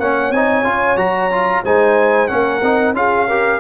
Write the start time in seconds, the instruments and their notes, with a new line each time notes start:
0.00 tuba A#3, trombone C#4, horn C#5, trumpet F#5
0.31 tuba C4, trombone D#4, trumpet G#5
0.64 tuba C#4, trombone F4
0.97 tuba F#3, trombone F#4, trumpet A#5
1.32 trombone F4
1.64 tuba G#3, trombone D#4, horn C5, trumpet G#5
2.28 tuba A#3, trombone C#4, horn A#4, trumpet F#5
2.62 tuba C4, trombone D#4
2.94 tuba C#4, trombone F4, horn G#4, trumpet F5
3.28 trombone G4, horn A#4